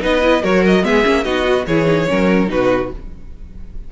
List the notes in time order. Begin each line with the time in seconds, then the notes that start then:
0.00 B3 D#4 B4 D#5
0.22 E4
0.42 F#3 F#4 A#4 C#5
0.66 D#5
0.84 G#3 B3 G#4 E5
1.04 A#3 C#4
1.24 B3 D#4 F#4 D#5
1.44 F#4
1.67 E3 E4 G#4 C#5
1.85 D#4
2.08 F#3 C#4 A#4
2.47 B2 D#4 F#4 B4